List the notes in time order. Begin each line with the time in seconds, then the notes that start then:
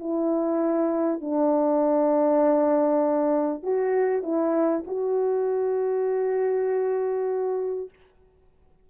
0.00 E4
1.21 D4
3.63 F#4
4.23 E4
4.87 F#4